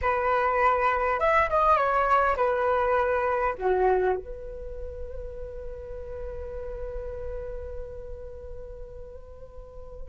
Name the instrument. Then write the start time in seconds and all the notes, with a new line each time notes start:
flute
0.01 B4
1.19 E5
1.49 D#5
1.76 C#5
2.36 B4
3.58 F#4
4.16 B4